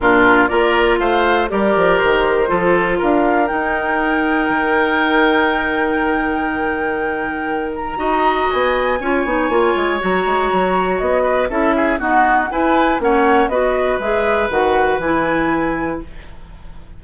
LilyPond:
<<
  \new Staff \with { instrumentName = "flute" } { \time 4/4 \tempo 4 = 120 ais'4 d''4 f''4 d''4 | c''2 f''4 g''4~ | g''1~ | g''2.~ g''8 ais''8~ |
ais''4 gis''2. | ais''2 dis''4 e''4 | fis''4 gis''4 fis''4 dis''4 | e''4 fis''4 gis''2 | }
  \new Staff \with { instrumentName = "oboe" } { \time 4/4 f'4 ais'4 c''4 ais'4~ | ais'4 a'4 ais'2~ | ais'1~ | ais'1 |
dis''2 cis''2~ | cis''2~ cis''8 b'8 a'8 gis'8 | fis'4 b'4 cis''4 b'4~ | b'1 | }
  \new Staff \with { instrumentName = "clarinet" } { \time 4/4 d'4 f'2 g'4~ | g'4 f'2 dis'4~ | dis'1~ | dis'1 |
fis'2 f'8 dis'8 f'4 | fis'2. e'4 | b4 e'4 cis'4 fis'4 | gis'4 fis'4 e'2 | }
  \new Staff \with { instrumentName = "bassoon" } { \time 4/4 ais,4 ais4 a4 g8 f8 | dis4 f4 d'4 dis'4~ | dis'4 dis2.~ | dis1 |
dis'4 b4 cis'8 b8 ais8 gis8 | fis8 gis8 fis4 b4 cis'4 | dis'4 e'4 ais4 b4 | gis4 dis4 e2 | }
>>